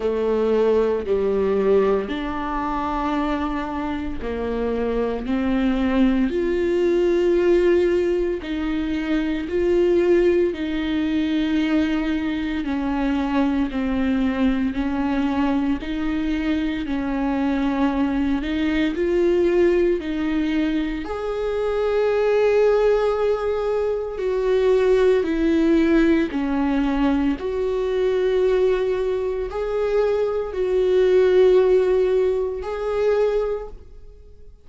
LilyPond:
\new Staff \with { instrumentName = "viola" } { \time 4/4 \tempo 4 = 57 a4 g4 d'2 | ais4 c'4 f'2 | dis'4 f'4 dis'2 | cis'4 c'4 cis'4 dis'4 |
cis'4. dis'8 f'4 dis'4 | gis'2. fis'4 | e'4 cis'4 fis'2 | gis'4 fis'2 gis'4 | }